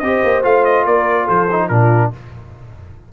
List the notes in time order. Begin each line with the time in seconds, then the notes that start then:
0.00 C4 G4 C5 D#5
0.24 A#3
0.44 A3 F4 F5
0.65 D#5
0.86 A#3 A#4 D5
1.25 F3 A4 C5
1.51 D#4
1.69 A#2 D4 F4 A#4